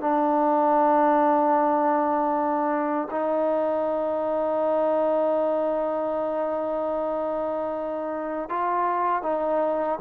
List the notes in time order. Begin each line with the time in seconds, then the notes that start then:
0.00 D4
3.10 D#4
8.49 F4
9.22 D#4